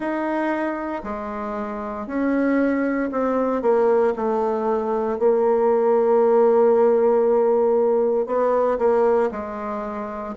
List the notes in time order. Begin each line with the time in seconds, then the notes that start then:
0.00 D#4
1.03 G#3
2.06 C#4
3.11 C4
3.62 A#3
4.16 A3
5.18 A#3
8.26 B3
8.78 A#3
9.31 G#3